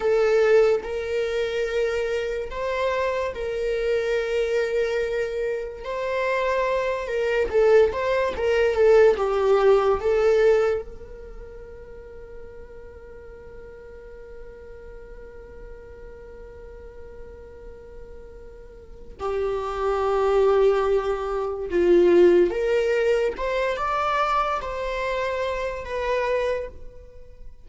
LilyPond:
\new Staff \with { instrumentName = "viola" } { \time 4/4 \tempo 4 = 72 a'4 ais'2 c''4 | ais'2. c''4~ | c''8 ais'8 a'8 c''8 ais'8 a'8 g'4 | a'4 ais'2.~ |
ais'1~ | ais'2. g'4~ | g'2 f'4 ais'4 | c''8 d''4 c''4. b'4 | }